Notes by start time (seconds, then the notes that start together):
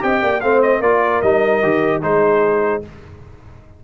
0.00 C4 G4 D#5 G5
0.22 A#3 D5
0.41 A3 C4 C5 F5
0.62 D#5
0.80 A#3 F4 A#4 D5
1.22 G3 D#4 D#5
1.63 D#3 G4
2.02 G#3 D#4 G#4 C5